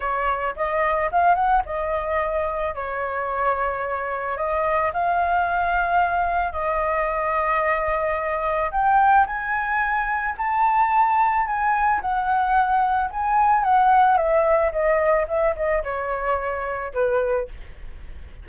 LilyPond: \new Staff \with { instrumentName = "flute" } { \time 4/4 \tempo 4 = 110 cis''4 dis''4 f''8 fis''8 dis''4~ | dis''4 cis''2. | dis''4 f''2. | dis''1 |
g''4 gis''2 a''4~ | a''4 gis''4 fis''2 | gis''4 fis''4 e''4 dis''4 | e''8 dis''8 cis''2 b'4 | }